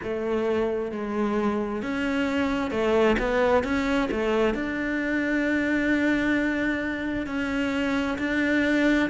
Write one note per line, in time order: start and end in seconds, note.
0.03 0.91 A3
0.91 1.82 G#3
1.82 2.70 C#4
2.70 3.16 A3
3.18 3.63 B3
3.63 4.09 C#4
4.11 4.54 A3
4.54 7.26 D4
7.26 8.17 C#4
8.18 9.09 D4